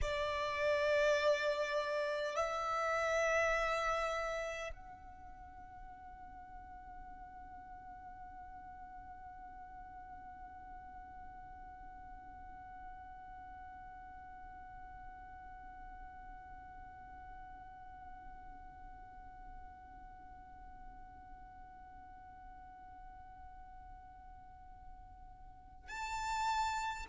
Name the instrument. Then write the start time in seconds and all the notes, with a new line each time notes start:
violin
0.01 D5
2.35 E5
4.73 F#5
25.88 A5